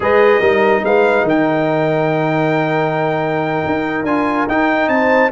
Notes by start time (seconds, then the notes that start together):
0.00 G#3 G#4 B4 D#5
0.40 G3 D#4 A#4
0.84 G#3 B4 F5
1.23 D#3 A#4 G5
3.66 D#4
4.04 D4 F4 G#5
4.47 D#4 G5
4.88 C4 C5 A5